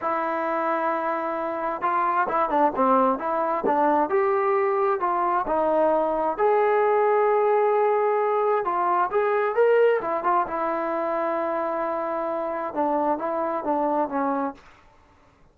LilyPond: \new Staff \with { instrumentName = "trombone" } { \time 4/4 \tempo 4 = 132 e'1 | f'4 e'8 d'8 c'4 e'4 | d'4 g'2 f'4 | dis'2 gis'2~ |
gis'2. f'4 | gis'4 ais'4 e'8 f'8 e'4~ | e'1 | d'4 e'4 d'4 cis'4 | }